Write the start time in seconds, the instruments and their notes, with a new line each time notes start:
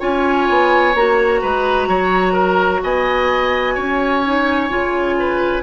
0.00 bassoon C#4, clarinet F4, oboe C#5, flute G#5
0.49 bassoon B3
0.95 bassoon A#3, clarinet F#4, flute A#5
1.42 bassoon G#3, oboe B4
1.88 bassoon F#3, oboe C#5
2.33 oboe A#4
2.83 bassoon B3, oboe D#5, flute G#5
3.75 bassoon C#4, oboe C#5
4.25 clarinet D#4
4.70 bassoon C#3, clarinet F4
5.20 oboe B4